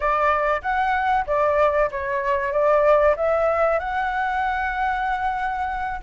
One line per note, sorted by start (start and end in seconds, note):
0.00 0.61 D5
0.62 1.25 F#5
1.26 1.89 D5
1.91 2.52 C#5
2.52 3.15 D5
3.16 3.79 E5
3.79 6.00 F#5